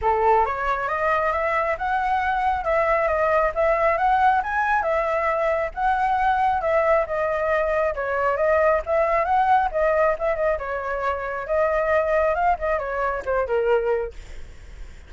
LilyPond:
\new Staff \with { instrumentName = "flute" } { \time 4/4 \tempo 4 = 136 a'4 cis''4 dis''4 e''4 | fis''2 e''4 dis''4 | e''4 fis''4 gis''4 e''4~ | e''4 fis''2 e''4 |
dis''2 cis''4 dis''4 | e''4 fis''4 dis''4 e''8 dis''8 | cis''2 dis''2 | f''8 dis''8 cis''4 c''8 ais'4. | }